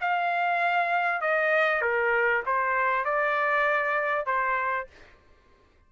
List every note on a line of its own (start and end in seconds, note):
0.00 1.21 F5
1.21 1.81 D#5
1.81 2.43 A#4
2.45 3.04 C5
3.04 4.26 D5
4.26 4.87 C5